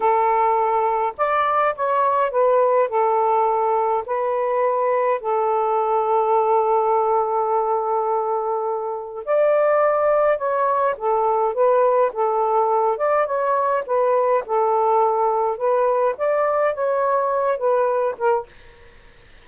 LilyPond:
\new Staff \with { instrumentName = "saxophone" } { \time 4/4 \tempo 4 = 104 a'2 d''4 cis''4 | b'4 a'2 b'4~ | b'4 a'2.~ | a'1 |
d''2 cis''4 a'4 | b'4 a'4. d''8 cis''4 | b'4 a'2 b'4 | d''4 cis''4. b'4 ais'8 | }